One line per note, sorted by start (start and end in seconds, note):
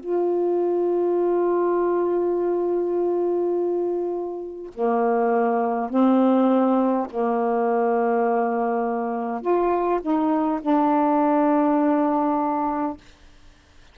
0.00 4.71 F4
4.75 5.90 A#3
5.90 7.07 C4
7.10 9.41 A#3
9.41 10.00 F4
10.02 10.60 D#4
10.61 12.97 D4